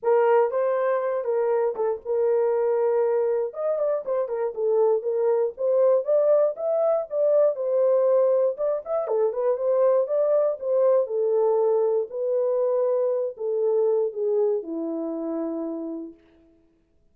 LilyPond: \new Staff \with { instrumentName = "horn" } { \time 4/4 \tempo 4 = 119 ais'4 c''4. ais'4 a'8 | ais'2. dis''8 d''8 | c''8 ais'8 a'4 ais'4 c''4 | d''4 e''4 d''4 c''4~ |
c''4 d''8 e''8 a'8 b'8 c''4 | d''4 c''4 a'2 | b'2~ b'8 a'4. | gis'4 e'2. | }